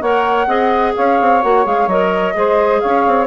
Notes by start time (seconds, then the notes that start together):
0.00 A#3 A#4 C#5 F#5
0.46 C4 G#4 D#5
0.95 C#4 C#5 F5
1.20 C4
1.42 A#3 F#4 F#5
1.64 G#3 G#4 F5
1.87 F#3 A#4 D#5
2.34 G#3 G#4 C5
2.80 C#4 C#5 F5
3.06 C4